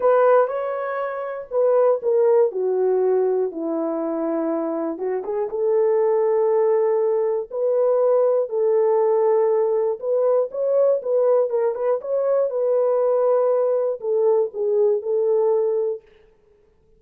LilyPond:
\new Staff \with { instrumentName = "horn" } { \time 4/4 \tempo 4 = 120 b'4 cis''2 b'4 | ais'4 fis'2 e'4~ | e'2 fis'8 gis'8 a'4~ | a'2. b'4~ |
b'4 a'2. | b'4 cis''4 b'4 ais'8 b'8 | cis''4 b'2. | a'4 gis'4 a'2 | }